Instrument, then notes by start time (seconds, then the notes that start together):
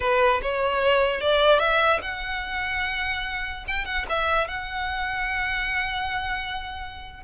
violin
0.00 B4
0.42 C#5
1.20 D5
1.59 E5
2.01 F#5
3.67 G5
3.85 F#5
4.09 E5
4.47 F#5